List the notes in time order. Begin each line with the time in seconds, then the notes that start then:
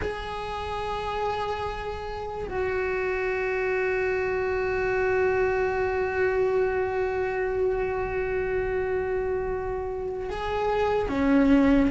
0.01 G#4
2.48 F#4
10.29 G#4
11.08 C#4